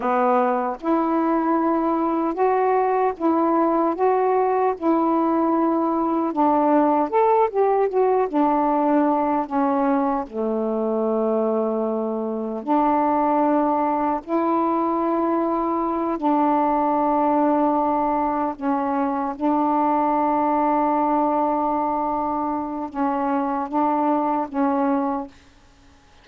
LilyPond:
\new Staff \with { instrumentName = "saxophone" } { \time 4/4 \tempo 4 = 76 b4 e'2 fis'4 | e'4 fis'4 e'2 | d'4 a'8 g'8 fis'8 d'4. | cis'4 a2. |
d'2 e'2~ | e'8 d'2. cis'8~ | cis'8 d'2.~ d'8~ | d'4 cis'4 d'4 cis'4 | }